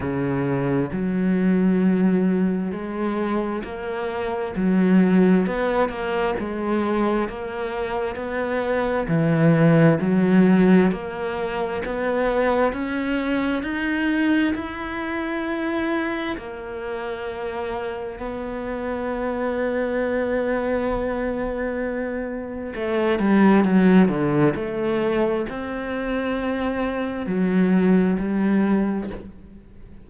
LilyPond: \new Staff \with { instrumentName = "cello" } { \time 4/4 \tempo 4 = 66 cis4 fis2 gis4 | ais4 fis4 b8 ais8 gis4 | ais4 b4 e4 fis4 | ais4 b4 cis'4 dis'4 |
e'2 ais2 | b1~ | b4 a8 g8 fis8 d8 a4 | c'2 fis4 g4 | }